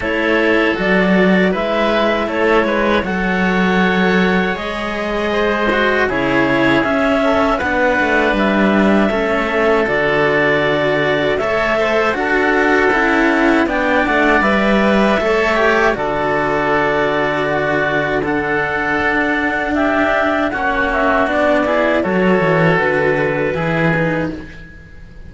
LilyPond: <<
  \new Staff \with { instrumentName = "clarinet" } { \time 4/4 \tempo 4 = 79 cis''4 d''4 e''4 cis''4 | fis''2 dis''2 | cis''4 e''4 fis''4 e''4~ | e''4 d''2 e''4 |
fis''2 g''8 fis''8 e''4~ | e''4 d''2. | fis''2 e''4 fis''8 e''8 | d''4 cis''4 b'2 | }
  \new Staff \with { instrumentName = "oboe" } { \time 4/4 a'2 b'4 a'8 b'8 | cis''2. c''4 | gis'4. a'8 b'2 | a'2. cis''8 c''8 |
a'2 d''2 | cis''4 a'2 fis'4 | a'2 g'4 fis'4~ | fis'8 gis'8 a'2 gis'4 | }
  \new Staff \with { instrumentName = "cello" } { \time 4/4 e'4 fis'4 e'2 | a'2 gis'4. fis'8 | e'4 cis'4 d'2 | cis'4 fis'2 a'4 |
fis'4 e'4 d'4 b'4 | a'8 g'8 fis'2. | d'2. cis'4 | d'8 e'8 fis'2 e'8 dis'8 | }
  \new Staff \with { instrumentName = "cello" } { \time 4/4 a4 fis4 gis4 a8 gis8 | fis2 gis2 | cis4 cis'4 b8 a8 g4 | a4 d2 a4 |
d'4 cis'4 b8 a8 g4 | a4 d2.~ | d4 d'2 ais4 | b4 fis8 e8 d4 e4 | }
>>